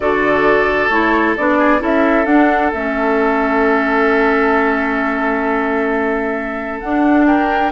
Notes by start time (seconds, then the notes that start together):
0.00 D3 F#4 A4 D5
0.89 A3 E4 C#5
1.36 B3 D4 D5
1.58 G#4
1.79 C#4 E4 A4 E5
2.25 D4 F#5
2.72 A3 C#4 E5
6.80 D4 F#5
7.26 A#4 G5